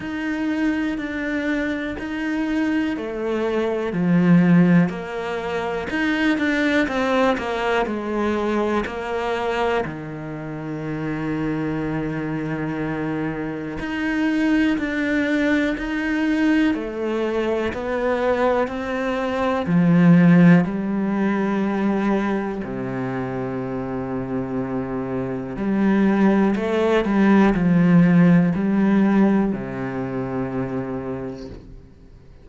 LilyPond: \new Staff \with { instrumentName = "cello" } { \time 4/4 \tempo 4 = 61 dis'4 d'4 dis'4 a4 | f4 ais4 dis'8 d'8 c'8 ais8 | gis4 ais4 dis2~ | dis2 dis'4 d'4 |
dis'4 a4 b4 c'4 | f4 g2 c4~ | c2 g4 a8 g8 | f4 g4 c2 | }